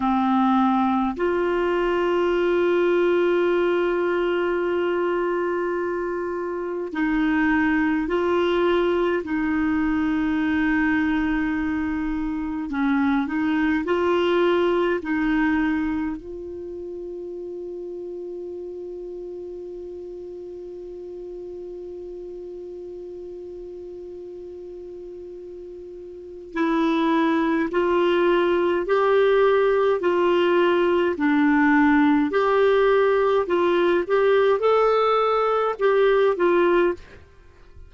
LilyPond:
\new Staff \with { instrumentName = "clarinet" } { \time 4/4 \tempo 4 = 52 c'4 f'2.~ | f'2 dis'4 f'4 | dis'2. cis'8 dis'8 | f'4 dis'4 f'2~ |
f'1~ | f'2. e'4 | f'4 g'4 f'4 d'4 | g'4 f'8 g'8 a'4 g'8 f'8 | }